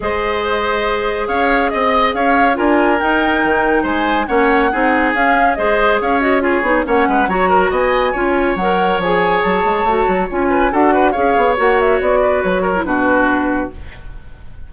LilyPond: <<
  \new Staff \with { instrumentName = "flute" } { \time 4/4 \tempo 4 = 140 dis''2. f''4 | dis''4 f''4 gis''4 g''4~ | g''4 gis''4 fis''2 | f''4 dis''4 f''8 dis''8 cis''4 |
fis''4 ais''4 gis''2 | fis''4 gis''4 a''2 | gis''4 fis''4 f''4 fis''8 e''8 | d''4 cis''4 b'2 | }
  \new Staff \with { instrumentName = "oboe" } { \time 4/4 c''2. cis''4 | dis''4 cis''4 ais'2~ | ais'4 c''4 cis''4 gis'4~ | gis'4 c''4 cis''4 gis'4 |
cis''8 b'8 cis''8 ais'8 dis''4 cis''4~ | cis''1~ | cis''8 b'8 a'8 b'8 cis''2~ | cis''8 b'4 ais'8 fis'2 | }
  \new Staff \with { instrumentName = "clarinet" } { \time 4/4 gis'1~ | gis'2 f'4 dis'4~ | dis'2 cis'4 dis'4 | cis'4 gis'4. fis'8 f'8 dis'8 |
cis'4 fis'2 f'4 | ais'4 gis'2 fis'4 | f'4 fis'4 gis'4 fis'4~ | fis'4.~ fis'16 e'16 d'2 | }
  \new Staff \with { instrumentName = "bassoon" } { \time 4/4 gis2. cis'4 | c'4 cis'4 d'4 dis'4 | dis4 gis4 ais4 c'4 | cis'4 gis4 cis'4. b8 |
ais8 gis8 fis4 b4 cis'4 | fis4 f4 fis8 gis8 a8 fis8 | cis'4 d'4 cis'8 b8 ais4 | b4 fis4 b,2 | }
>>